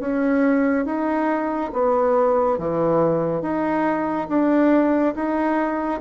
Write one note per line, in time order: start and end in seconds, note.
0.00 0.86 C#4
0.86 1.71 D#4
1.73 2.58 B3
2.58 3.42 E3
3.42 4.28 D#4
4.29 5.15 D4
5.15 6.01 D#4